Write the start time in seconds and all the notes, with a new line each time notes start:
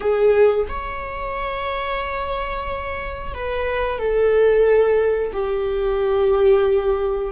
0.00 G#4
0.68 C#5
3.34 B4
3.98 A4
5.32 G4